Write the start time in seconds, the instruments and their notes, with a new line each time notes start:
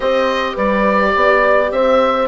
0.00 bassoon C4, viola G4, horn C5, oboe D#5
0.54 bassoon G3, horn B4, oboe D5
1.15 bassoon B3, horn D5
1.71 bassoon C4, horn C5, oboe E5